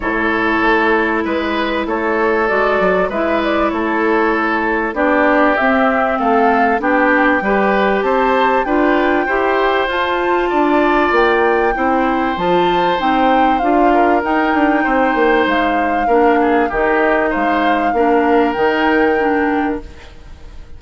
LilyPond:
<<
  \new Staff \with { instrumentName = "flute" } { \time 4/4 \tempo 4 = 97 cis''2 b'4 cis''4 | d''4 e''8 d''8 cis''2 | d''4 e''4 f''4 g''4~ | g''4 a''4 g''2 |
a''2 g''2 | a''4 g''4 f''4 g''4~ | g''4 f''2 dis''4 | f''2 g''2 | }
  \new Staff \with { instrumentName = "oboe" } { \time 4/4 a'2 b'4 a'4~ | a'4 b'4 a'2 | g'2 a'4 g'4 | b'4 c''4 b'4 c''4~ |
c''4 d''2 c''4~ | c''2~ c''8 ais'4. | c''2 ais'8 gis'8 g'4 | c''4 ais'2. | }
  \new Staff \with { instrumentName = "clarinet" } { \time 4/4 e'1 | fis'4 e'2. | d'4 c'2 d'4 | g'2 f'4 g'4 |
f'2. e'4 | f'4 dis'4 f'4 dis'4~ | dis'2 d'4 dis'4~ | dis'4 d'4 dis'4 d'4 | }
  \new Staff \with { instrumentName = "bassoon" } { \time 4/4 a,4 a4 gis4 a4 | gis8 fis8 gis4 a2 | b4 c'4 a4 b4 | g4 c'4 d'4 e'4 |
f'4 d'4 ais4 c'4 | f4 c'4 d'4 dis'8 d'8 | c'8 ais8 gis4 ais4 dis4 | gis4 ais4 dis2 | }
>>